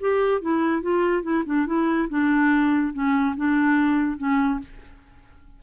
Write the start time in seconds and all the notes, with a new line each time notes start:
0.00 G4
0.41 E4
0.82 F4
1.23 E4
1.46 D4
1.66 E4
2.09 D4
2.93 C#4
3.36 D4
4.18 C#4